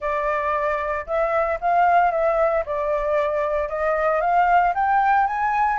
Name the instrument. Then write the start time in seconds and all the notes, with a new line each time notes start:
flute
0.00 D5
1.06 E5
1.61 F5
2.11 E5
2.65 D5
3.68 D#5
4.21 F5
4.74 G5
5.26 G#5